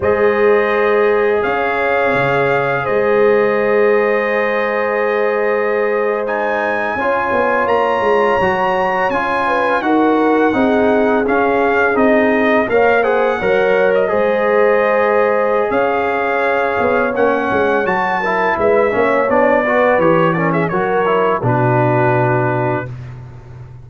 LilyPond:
<<
  \new Staff \with { instrumentName = "trumpet" } { \time 4/4 \tempo 4 = 84 dis''2 f''2 | dis''1~ | dis''8. gis''2 ais''4~ ais''16~ | ais''8. gis''4 fis''2 f''16~ |
f''8. dis''4 f''8 fis''4~ fis''16 dis''8~ | dis''2 f''2 | fis''4 a''4 e''4 d''4 | cis''8 d''16 e''16 cis''4 b'2 | }
  \new Staff \with { instrumentName = "horn" } { \time 4/4 c''2 cis''2 | c''1~ | c''4.~ c''16 cis''2~ cis''16~ | cis''4~ cis''16 b'8 ais'4 gis'4~ gis'16~ |
gis'4.~ gis'16 cis''8 c''8 cis''4 c''16~ | c''2 cis''2~ | cis''4. ais'8 b'8 cis''4 b'8~ | b'8 ais'16 gis'16 ais'4 fis'2 | }
  \new Staff \with { instrumentName = "trombone" } { \time 4/4 gis'1~ | gis'1~ | gis'8. dis'4 f'2 fis'16~ | fis'8. f'4 fis'4 dis'4 cis'16~ |
cis'8. dis'4 ais'8 gis'8 ais'4 gis'16~ | gis'1 | cis'4 fis'8 e'4 cis'8 d'8 fis'8 | g'8 cis'8 fis'8 e'8 d'2 | }
  \new Staff \with { instrumentName = "tuba" } { \time 4/4 gis2 cis'4 cis4 | gis1~ | gis4.~ gis16 cis'8 b8 ais8 gis8 fis16~ | fis8. cis'4 dis'4 c'4 cis'16~ |
cis'8. c'4 ais4 fis4 gis16~ | gis2 cis'4. b8 | ais8 gis8 fis4 gis8 ais8 b4 | e4 fis4 b,2 | }
>>